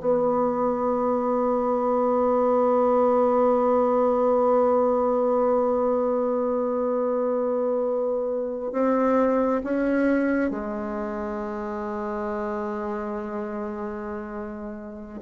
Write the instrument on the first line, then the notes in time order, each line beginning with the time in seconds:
bassoon
0.00 B3
8.72 C4
9.64 C#4
10.50 G#3